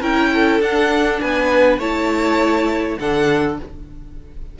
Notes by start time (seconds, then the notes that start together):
0.00 C#4 E4 A#4 G5
0.33 A4
0.60 D4 F#5
1.21 B3 B4 G#5
1.78 A3 E4 C#5 A5
2.99 D3 D4 A4 F#5